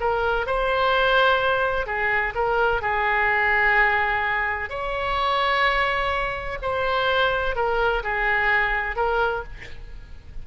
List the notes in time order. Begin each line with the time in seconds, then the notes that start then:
0.00 A#4
0.46 C5
1.86 G#4
2.35 A#4
2.81 G#4
4.69 C#5
6.62 C5
7.55 A#4
8.03 G#4
8.96 A#4